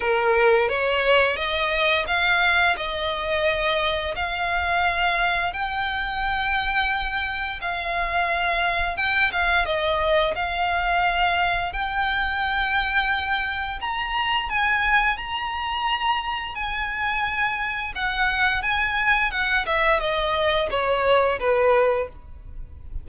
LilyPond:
\new Staff \with { instrumentName = "violin" } { \time 4/4 \tempo 4 = 87 ais'4 cis''4 dis''4 f''4 | dis''2 f''2 | g''2. f''4~ | f''4 g''8 f''8 dis''4 f''4~ |
f''4 g''2. | ais''4 gis''4 ais''2 | gis''2 fis''4 gis''4 | fis''8 e''8 dis''4 cis''4 b'4 | }